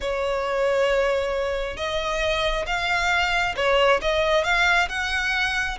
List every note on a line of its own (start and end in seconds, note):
0.01 1.76 C#5
1.76 2.65 D#5
2.66 3.55 F5
3.56 4.00 C#5
4.01 4.44 D#5
4.44 4.88 F5
4.88 5.77 F#5